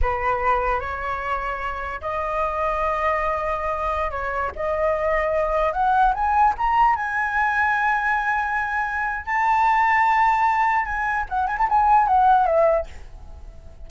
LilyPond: \new Staff \with { instrumentName = "flute" } { \time 4/4 \tempo 4 = 149 b'2 cis''2~ | cis''4 dis''2.~ | dis''2~ dis''16 cis''4 dis''8.~ | dis''2~ dis''16 fis''4 gis''8.~ |
gis''16 ais''4 gis''2~ gis''8.~ | gis''2. a''4~ | a''2. gis''4 | fis''8 gis''16 a''16 gis''4 fis''4 e''4 | }